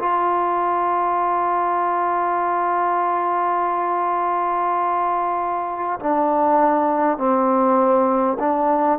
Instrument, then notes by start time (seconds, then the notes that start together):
trombone
0.00 F4
6.00 D4
7.18 C4
8.40 D4